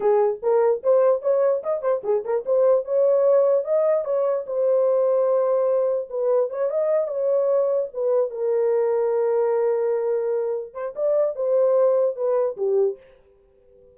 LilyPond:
\new Staff \with { instrumentName = "horn" } { \time 4/4 \tempo 4 = 148 gis'4 ais'4 c''4 cis''4 | dis''8 c''8 gis'8 ais'8 c''4 cis''4~ | cis''4 dis''4 cis''4 c''4~ | c''2. b'4 |
cis''8 dis''4 cis''2 b'8~ | b'8 ais'2.~ ais'8~ | ais'2~ ais'8 c''8 d''4 | c''2 b'4 g'4 | }